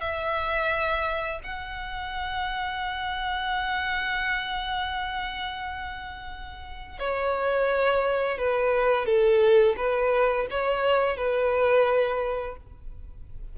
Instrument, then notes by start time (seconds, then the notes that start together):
violin
0.00 E5
1.44 F#5
6.99 C#5
8.38 B4
9.05 A4
9.77 B4
10.50 C#5
11.17 B4